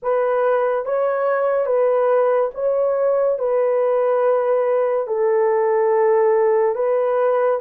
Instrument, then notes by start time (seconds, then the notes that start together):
horn
0.02 B4
0.85 C#5
1.66 B4
2.54 C#5
3.38 B4
5.07 A4
6.75 B4